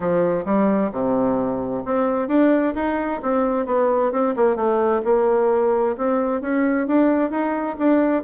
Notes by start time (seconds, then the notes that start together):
0.00 F3
0.45 G3
0.92 C3
1.85 C4
2.28 D4
2.74 D#4
3.22 C4
3.66 B3
4.11 C4
4.36 A#3
4.56 A3
5.04 A#3
5.97 C4
6.41 C#4
6.87 D4
7.30 D#4
7.78 D4